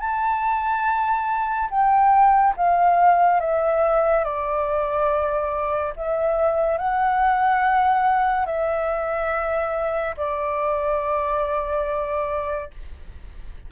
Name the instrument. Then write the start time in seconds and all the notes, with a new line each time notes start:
flute
0.00 A5
1.71 G5
2.57 F5
3.40 E5
4.25 D5
5.97 E5
6.78 F#5
8.46 E5
10.18 D5